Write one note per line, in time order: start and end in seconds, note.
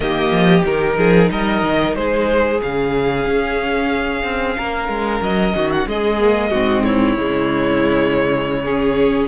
0.00 0.31 D#3
0.00 0.62 A#3
0.00 0.97 G4
0.00 0.64 D#5
0.31 0.63 F3
0.64 0.97 D#3
0.64 2.60 D#4
0.64 1.30 A#4
0.97 1.29 F3
0.97 1.29 G#4
1.31 1.62 G3
1.31 1.96 A#4
1.31 1.95 D#5
1.62 1.95 D#3
1.95 2.61 G#3
1.95 4.57 G#4
1.95 2.60 C5
2.60 3.26 C#3
2.60 6.18 C#4
2.60 5.22 F5
3.26 4.23 C#4
4.23 4.56 C4
4.57 4.88 A#3
4.57 5.55 A#4
4.88 5.21 G#3
5.21 5.53 F#3
5.21 5.71 D#5
5.55 5.86 D#3
5.55 5.88 F#4
5.71 5.88 F#5
5.86 6.51 G#3
5.86 6.50 G#4
5.86 6.84 D#5
6.18 6.51 A#3
6.50 7.17 G#2
6.50 7.17 C4
6.50 6.83 F#4
6.84 8.63 E4
6.84 9.27 C#5
7.17 9.27 C#3
7.17 8.64 G#3
8.64 9.27 C#4
8.64 9.27 G#4